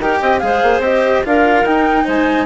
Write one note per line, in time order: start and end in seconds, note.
0.00 0.21 D#4
0.00 0.41 G4
0.00 0.20 A#4
0.00 0.39 G5
0.20 0.42 C4
0.20 0.41 D#5
0.39 0.63 G#3
0.39 0.82 G#4
0.39 1.27 C5
0.39 0.80 F5
0.63 0.79 A#3
0.79 1.20 C4
0.79 1.24 G4
0.79 1.24 D#5
1.24 1.64 D4
1.24 1.66 F4
1.24 2.05 A#4
1.24 1.66 F5
1.64 2.05 D#4
1.64 2.46 D#4
1.64 2.07 G5
2.05 2.46 G#3
2.05 2.46 C5
2.05 2.46 G#5